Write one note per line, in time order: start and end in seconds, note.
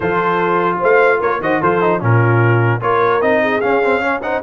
0.00 0.79 F3
0.00 1.42 F4
0.00 0.78 A4
0.00 0.79 C5
0.79 1.20 A3
0.79 1.19 C5
0.79 1.21 F5
1.20 1.40 A#3
1.20 1.40 A#4
1.20 1.41 C#5
1.40 1.60 D#3
1.40 1.62 F#4
1.40 1.60 C5
1.40 1.62 D#5
1.60 2.01 F3
1.60 1.81 F4
1.60 2.00 A4
1.60 2.02 C5
1.81 1.99 D#4
1.99 2.81 A#2
1.99 2.80 C#4
1.99 2.80 F4
1.99 2.81 A#4
2.80 3.21 A#3
2.80 3.21 F4
2.80 3.42 A#4
2.80 3.21 C#5
3.21 3.61 C4
3.21 3.61 D#4
3.21 3.61 D#5
3.42 4.01 G#4
3.61 3.82 C#4
3.61 4.42 C#4
3.61 4.21 F5
3.83 4.00 C4
4.00 4.21 C#4
4.00 4.21 C#5
4.22 4.42 D#4
4.22 4.42 C5
4.22 4.42 F#5